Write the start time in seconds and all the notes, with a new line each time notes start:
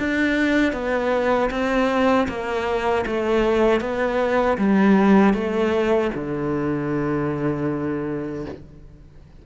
0.00 D4
0.73 B3
1.51 C4
2.29 A#3
3.07 A3
3.81 B3
4.58 G3
5.34 A3
6.15 D3